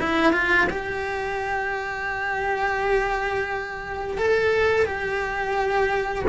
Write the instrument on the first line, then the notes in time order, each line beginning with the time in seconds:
cello
0.00 E4
0.33 F4
0.70 G4
4.18 A4
4.86 G4